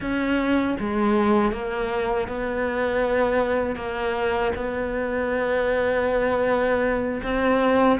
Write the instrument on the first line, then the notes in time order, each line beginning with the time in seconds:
cello
0.00 C#4
0.79 G#3
1.52 A#3
2.28 B3
3.76 A#3
4.55 B3
7.23 C4